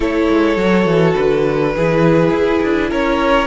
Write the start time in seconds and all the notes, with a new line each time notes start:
0.00 A3 E4 A4 C#5
0.29 G#3
0.56 F#3 F#4
0.85 E3
1.14 D3 B4
1.75 E3 E4 G#4
2.30 E4
2.63 D4
2.90 C#4 A#4 C#5